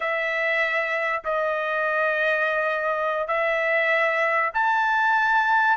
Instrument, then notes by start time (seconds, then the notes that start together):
trumpet
0.00 E5
1.24 D#5
3.27 E5
4.53 A5